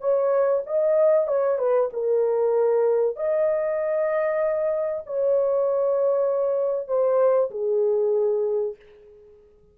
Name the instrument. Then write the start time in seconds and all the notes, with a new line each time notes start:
horn
0.00 C#5
0.66 D#5
1.27 C#5
1.58 B4
1.93 A#4
3.16 D#5
5.06 C#5
6.88 C5
7.51 G#4